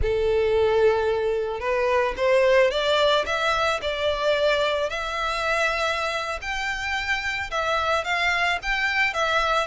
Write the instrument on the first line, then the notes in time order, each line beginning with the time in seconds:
violin
0.02 A4
1.59 B4
2.17 C5
2.70 D5
3.26 E5
3.81 D5
4.89 E5
6.41 G5
7.50 E5
8.04 F5
8.62 G5
9.13 E5